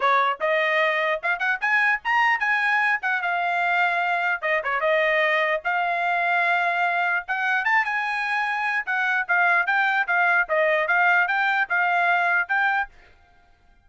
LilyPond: \new Staff \with { instrumentName = "trumpet" } { \time 4/4 \tempo 4 = 149 cis''4 dis''2 f''8 fis''8 | gis''4 ais''4 gis''4. fis''8 | f''2. dis''8 cis''8 | dis''2 f''2~ |
f''2 fis''4 a''8 gis''8~ | gis''2 fis''4 f''4 | g''4 f''4 dis''4 f''4 | g''4 f''2 g''4 | }